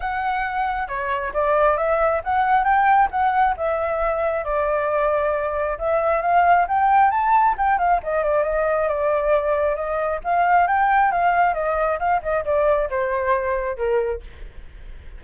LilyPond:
\new Staff \with { instrumentName = "flute" } { \time 4/4 \tempo 4 = 135 fis''2 cis''4 d''4 | e''4 fis''4 g''4 fis''4 | e''2 d''2~ | d''4 e''4 f''4 g''4 |
a''4 g''8 f''8 dis''8 d''8 dis''4 | d''2 dis''4 f''4 | g''4 f''4 dis''4 f''8 dis''8 | d''4 c''2 ais'4 | }